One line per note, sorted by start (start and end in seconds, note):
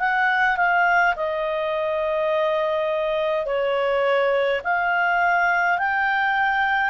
0.00 0.57 F#5
0.57 1.15 F5
1.16 3.46 D#5
3.46 4.62 C#5
4.64 5.78 F5
5.78 6.90 G5